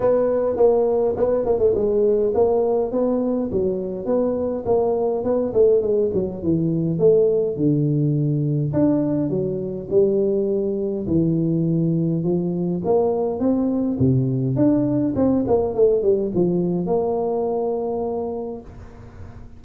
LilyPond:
\new Staff \with { instrumentName = "tuba" } { \time 4/4 \tempo 4 = 103 b4 ais4 b8 ais16 a16 gis4 | ais4 b4 fis4 b4 | ais4 b8 a8 gis8 fis8 e4 | a4 d2 d'4 |
fis4 g2 e4~ | e4 f4 ais4 c'4 | c4 d'4 c'8 ais8 a8 g8 | f4 ais2. | }